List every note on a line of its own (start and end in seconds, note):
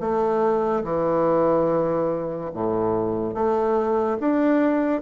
0.00 0.83 A3
0.84 2.50 E3
2.53 3.34 A2
3.34 4.17 A3
4.20 5.02 D4